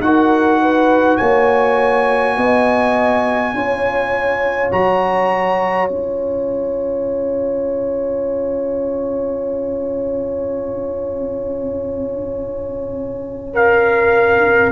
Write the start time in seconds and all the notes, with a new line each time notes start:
0.00 D#4 F#4 A#4 F#5
0.61 B4
1.17 A#3 C#5 G#5
2.37 B3 D#5
3.54 C#4 F4 C#5
4.72 F#3 F#4 A#5
5.88 C#4 F4 G#5
13.53 A#4 F5